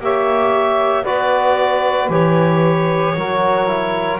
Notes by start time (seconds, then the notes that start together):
0.00 A#3 G4 C#5 E5
1.03 B3 F#4 B4 D5
2.09 E3 G4 C#5
3.15 F#3 F#4 A#4
3.67 E4